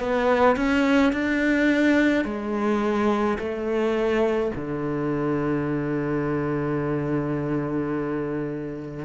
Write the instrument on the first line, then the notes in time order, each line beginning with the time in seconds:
cello
0.00 B3
0.57 C#4
1.13 D4
2.25 G#3
3.39 A3
4.56 D3